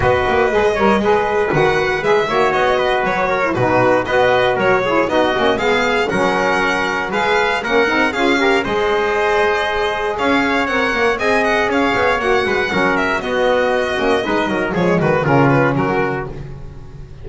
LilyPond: <<
  \new Staff \with { instrumentName = "violin" } { \time 4/4 \tempo 4 = 118 dis''2. fis''4 | e''4 dis''4 cis''4 b'4 | dis''4 cis''4 dis''4 f''4 | fis''2 f''4 fis''4 |
f''4 dis''2. | f''4 fis''4 gis''8 fis''8 f''4 | fis''4. e''8 dis''2~ | dis''4 cis''8 b'8 ais'8 b'8 ais'4 | }
  \new Staff \with { instrumentName = "trumpet" } { \time 4/4 b'4. cis''8 b'2~ | b'8 cis''4 b'4 ais'8 fis'4 | b'4 ais'8 gis'8 fis'4 gis'4 | ais'2 b'4 ais'4 |
gis'8 ais'8 c''2. | cis''2 dis''4 cis''4~ | cis''8 b'8 ais'4 fis'2 | b'8 ais'8 gis'8 fis'8 f'4 fis'4 | }
  \new Staff \with { instrumentName = "saxophone" } { \time 4/4 fis'4 gis'8 ais'8 gis'4 fis'4 | gis'8 fis'2~ fis'16 e'16 dis'4 | fis'4. e'8 dis'8 cis'8 b4 | cis'2 gis'4 cis'8 dis'8 |
f'8 g'8 gis'2.~ | gis'4 ais'4 gis'2 | fis'4 cis'4 b4. cis'8 | dis'4 gis4 cis'2 | }
  \new Staff \with { instrumentName = "double bass" } { \time 4/4 b8 ais8 gis8 g8 gis4 dis4 | gis8 ais8 b4 fis4 b,4 | b4 fis4 b8 ais8 gis4 | fis2 gis4 ais8 c'8 |
cis'4 gis2. | cis'4 c'8 ais8 c'4 cis'8 b8 | ais8 gis8 fis4 b4. ais8 | gis8 fis8 f8 dis8 cis4 fis4 | }
>>